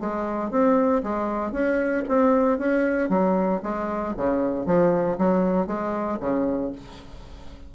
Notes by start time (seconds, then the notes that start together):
0.00 G#3
0.51 C4
1.03 G#3
1.52 C#4
2.08 C4
2.58 C#4
3.09 F#3
3.63 G#3
4.17 C#3
4.66 F3
5.18 F#3
5.67 G#3
6.20 C#3